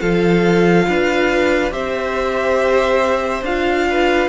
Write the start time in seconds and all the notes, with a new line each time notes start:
0.00 F3 F4 A4 F5
0.88 D4 B4
1.71 C4 G4 C5 E5
3.42 D4 F4 F5
3.90 B4